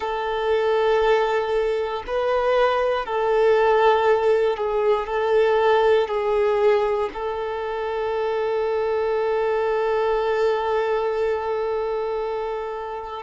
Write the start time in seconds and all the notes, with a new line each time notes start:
0.00 A4
2.06 B4
3.05 A4
4.57 G#4
5.06 A4
6.07 G#4
7.13 A4